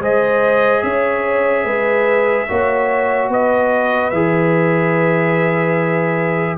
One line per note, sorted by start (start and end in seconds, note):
0.00 0.82 G#3
0.00 2.48 G#4
0.00 0.83 C5
0.00 0.83 D#5
0.83 1.65 C#4
0.83 1.65 C#5
0.83 3.30 E5
1.65 2.48 G#3
1.65 2.47 B4
2.49 3.29 A#3
2.49 4.13 F#4
2.49 3.31 C#5
3.29 4.11 B3
3.29 6.59 B4
3.29 4.11 D#5
4.11 6.59 E3
4.11 6.59 G#4
4.11 6.57 E5